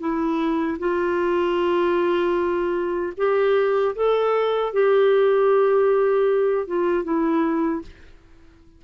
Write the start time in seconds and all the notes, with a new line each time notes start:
0.00 E4
0.79 F4
3.17 G4
3.96 A4
4.74 G4
6.67 F4
7.04 E4